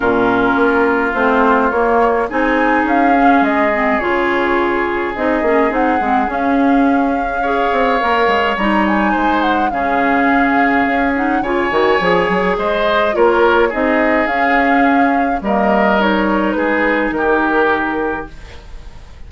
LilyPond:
<<
  \new Staff \with { instrumentName = "flute" } { \time 4/4 \tempo 4 = 105 ais'2 c''4 cis''4 | gis''4 f''4 dis''4 cis''4~ | cis''4 dis''4 fis''4 f''4~ | f''2. ais''8 gis''8~ |
gis''8 fis''8 f''2~ f''8 fis''8 | gis''2 dis''4 cis''4 | dis''4 f''2 dis''4 | cis''4 b'4 ais'2 | }
  \new Staff \with { instrumentName = "oboe" } { \time 4/4 f'1 | gis'1~ | gis'1~ | gis'4 cis''2. |
c''4 gis'2. | cis''2 c''4 ais'4 | gis'2. ais'4~ | ais'4 gis'4 g'2 | }
  \new Staff \with { instrumentName = "clarinet" } { \time 4/4 cis'2 c'4 ais4 | dis'4. cis'4 c'8 f'4~ | f'4 dis'8 cis'8 dis'8 c'8 cis'4~ | cis'4 gis'4 ais'4 dis'4~ |
dis'4 cis'2~ cis'8 dis'8 | f'8 fis'8 gis'2 f'4 | dis'4 cis'2 ais4 | dis'1 | }
  \new Staff \with { instrumentName = "bassoon" } { \time 4/4 ais,4 ais4 a4 ais4 | c'4 cis'4 gis4 cis4~ | cis4 c'8 ais8 c'8 gis8 cis'4~ | cis'4. c'8 ais8 gis8 g4 |
gis4 cis2 cis'4 | cis8 dis8 f8 fis8 gis4 ais4 | c'4 cis'2 g4~ | g4 gis4 dis2 | }
>>